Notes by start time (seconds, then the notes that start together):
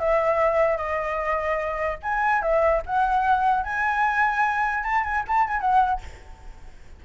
0.00 E5
0.78 D#5
2.03 G#5
2.42 E5
2.86 F#5
3.64 G#5
4.84 A5
5.04 G#5
5.28 A5
5.48 G#5
5.61 F#5